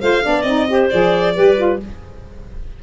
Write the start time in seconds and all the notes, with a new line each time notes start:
0.00 A3 F4 C5 F5
0.23 B3 D4 D5
0.42 C4 D#4 D#5
0.68 G4 C5
0.90 F3 G#4 D5
1.35 G3 G4 B4
1.57 F4